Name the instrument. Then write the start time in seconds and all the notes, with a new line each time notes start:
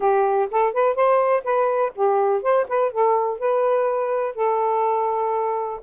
saxophone
0.00 G4
0.50 A4
0.73 B4
0.95 C5
1.44 B4
1.95 G4
2.42 C5
2.68 B4
2.91 A4
3.38 B4
4.35 A4